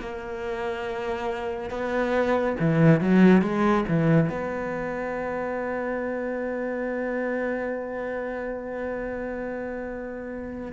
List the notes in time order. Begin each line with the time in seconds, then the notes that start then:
0.00 A#3
1.70 B3
2.60 E3
3.01 F#3
3.42 G#3
3.88 E3
4.29 B3